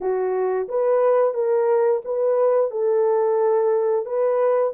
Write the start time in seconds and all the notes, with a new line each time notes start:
0.00 F#4
0.68 B4
1.34 A#4
2.04 B4
2.70 A4
4.05 B4